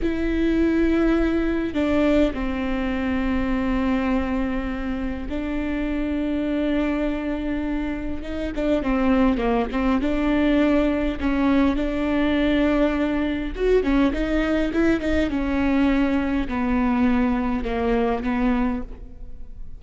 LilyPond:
\new Staff \with { instrumentName = "viola" } { \time 4/4 \tempo 4 = 102 e'2. d'4 | c'1~ | c'4 d'2.~ | d'2 dis'8 d'8 c'4 |
ais8 c'8 d'2 cis'4 | d'2. fis'8 cis'8 | dis'4 e'8 dis'8 cis'2 | b2 ais4 b4 | }